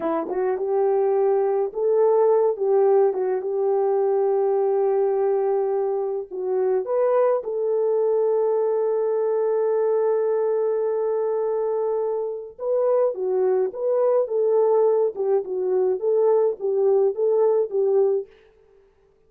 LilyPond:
\new Staff \with { instrumentName = "horn" } { \time 4/4 \tempo 4 = 105 e'8 fis'8 g'2 a'4~ | a'8 g'4 fis'8 g'2~ | g'2. fis'4 | b'4 a'2.~ |
a'1~ | a'2 b'4 fis'4 | b'4 a'4. g'8 fis'4 | a'4 g'4 a'4 g'4 | }